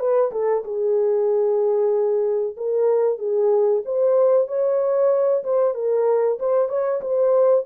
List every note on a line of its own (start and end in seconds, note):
0.00 0.32 B4
0.32 0.64 A4
0.65 2.56 G#4
2.57 3.19 A#4
3.19 3.83 G#4
3.86 4.48 C5
4.48 5.44 C#5
5.44 5.75 C5
5.75 6.39 A#4
6.39 6.69 C5
6.69 7.01 C#5
7.02 7.65 C5